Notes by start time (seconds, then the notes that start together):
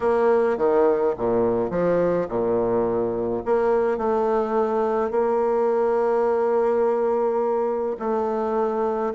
0.00 A#3
0.57 D#3
1.17 A#2
1.70 F3
2.28 A#2
3.45 A#3
3.97 A3
5.10 A#3
7.99 A3